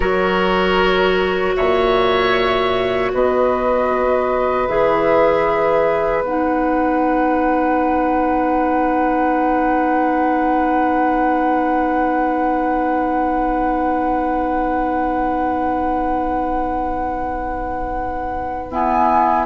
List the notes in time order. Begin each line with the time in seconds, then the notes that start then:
0.00 F#3 F#4 A#4 C#5
1.56 A#2 C#5 E5
3.12 B2 B4 D#5
4.67 E3 G#4 E5
6.21 B3 D#4 F#5
18.70 B3 E4 G#5